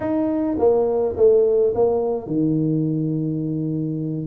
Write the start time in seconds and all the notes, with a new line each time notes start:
0.00 D#4
0.58 A#3
1.16 A3
1.74 A#3
2.26 D#3